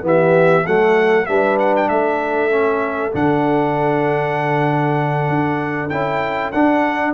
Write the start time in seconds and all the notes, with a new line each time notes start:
0.00 E3 B3 G4
0.07 E5
0.65 F#3 A3 A4 F#5
1.26 G3 D4 B4 E5
1.59 F#5
1.76 G5
1.88 A3 A4 E5
2.49 C#4
3.11 D3 D4 F#5
5.28 D4
5.89 C#4 E4 G5
6.52 D4 F#5